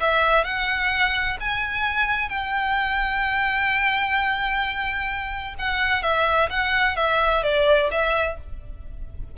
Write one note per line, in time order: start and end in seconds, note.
0.00 0.44 E5
0.44 1.37 F#5
1.40 2.29 G#5
2.29 5.55 G5
5.58 6.03 F#5
6.03 6.49 E5
6.49 6.96 F#5
6.96 7.42 E5
7.43 7.89 D5
7.91 8.37 E5